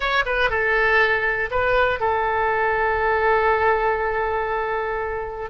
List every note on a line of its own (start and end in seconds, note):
0.00 0.23 C#5
0.25 0.50 B4
0.50 1.50 A4
1.50 2.00 B4
2.00 5.50 A4